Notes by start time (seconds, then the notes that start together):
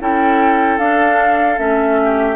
0.00 C#4 E4 A4 G5
0.78 D4 F5
1.57 A3 C#4 E5
2.03 G4